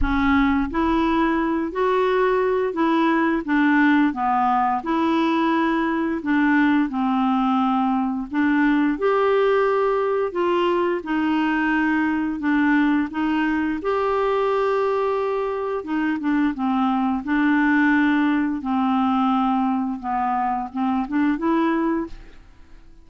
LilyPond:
\new Staff \with { instrumentName = "clarinet" } { \time 4/4 \tempo 4 = 87 cis'4 e'4. fis'4. | e'4 d'4 b4 e'4~ | e'4 d'4 c'2 | d'4 g'2 f'4 |
dis'2 d'4 dis'4 | g'2. dis'8 d'8 | c'4 d'2 c'4~ | c'4 b4 c'8 d'8 e'4 | }